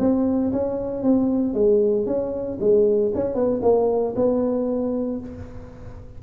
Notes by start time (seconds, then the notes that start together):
0.00 C4
0.53 C#4
1.03 C4
1.54 G#3
2.07 C#4
2.61 G#3
3.15 C#4
3.35 B3
3.63 A#3
4.16 B3